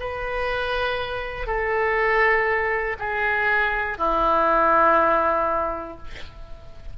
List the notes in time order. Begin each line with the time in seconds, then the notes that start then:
0.00 B4
1.47 A4
2.99 G#4
3.98 E4